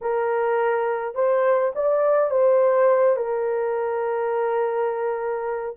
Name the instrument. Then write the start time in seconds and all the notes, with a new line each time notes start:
horn
0.01 A#4
1.14 C5
1.75 D5
2.30 C5
3.16 A#4